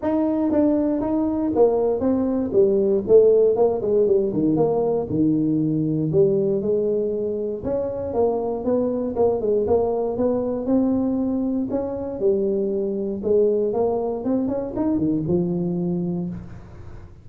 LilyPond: \new Staff \with { instrumentName = "tuba" } { \time 4/4 \tempo 4 = 118 dis'4 d'4 dis'4 ais4 | c'4 g4 a4 ais8 gis8 | g8 dis8 ais4 dis2 | g4 gis2 cis'4 |
ais4 b4 ais8 gis8 ais4 | b4 c'2 cis'4 | g2 gis4 ais4 | c'8 cis'8 dis'8 dis8 f2 | }